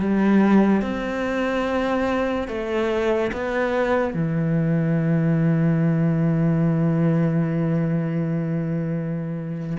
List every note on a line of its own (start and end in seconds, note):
0.00 0.82 G3
0.82 2.48 C4
2.48 3.31 A3
3.33 4.14 B3
4.14 9.77 E3